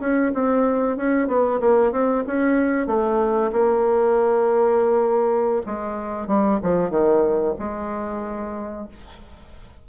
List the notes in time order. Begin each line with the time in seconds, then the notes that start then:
0.00 C#4
0.34 C4
0.97 C#4
1.28 B3
1.61 A#3
1.92 C4
2.27 C#4
2.87 A3
3.53 A#3
5.66 G#3
6.27 G3
6.63 F3
6.90 D#3
7.59 G#3